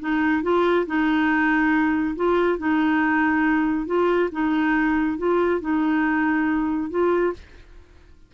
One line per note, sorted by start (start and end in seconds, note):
0.00 0.43 D#4
0.43 0.86 F4
0.86 2.16 D#4
2.16 2.59 F4
2.59 3.87 D#4
3.87 4.30 F4
4.32 5.18 D#4
5.18 5.61 F4
5.61 6.90 D#4
6.90 7.34 F4